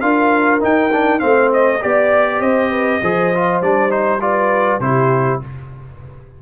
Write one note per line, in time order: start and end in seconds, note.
0.00 0.61 D4
0.00 0.60 F4
0.00 1.21 A#4
0.00 0.60 F5
0.60 0.90 D#4
0.60 1.23 D#4
0.60 1.19 G5
0.92 1.19 D4
1.19 1.82 A3
1.19 1.79 C4
1.19 1.81 C5
1.19 1.49 F5
1.53 1.82 D#5
1.81 2.40 B3
1.81 3.01 G4
1.81 2.40 D5
1.81 2.41 D5
2.40 3.00 C4
2.40 2.70 C5
2.40 3.61 D#5
2.70 3.00 B4
3.02 3.61 F3
3.02 3.33 G#4
3.02 4.22 C5
3.34 3.63 F4
3.61 4.79 G3
3.61 3.89 D4
3.61 3.91 D5
3.89 4.19 D#4
3.89 4.21 C5
4.20 4.80 F4
4.20 4.82 B4
4.20 4.80 D5
4.79 5.39 C3
4.79 5.41 E4
4.79 5.42 G4
4.79 5.40 C5